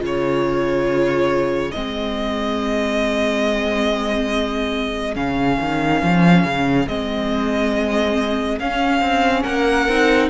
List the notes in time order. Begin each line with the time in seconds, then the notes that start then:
0.00 C#3 F4 G#4
0.06 C#5
1.72 G#3 C4 D#5
5.15 C#3 C#4 F5
5.60 D#3
6.03 F3
6.45 C#3
6.88 G#3 C4 D#5
8.60 C#4 F5
9.02 C4
9.44 A#3 A#4 F#5
9.88 C4 D#4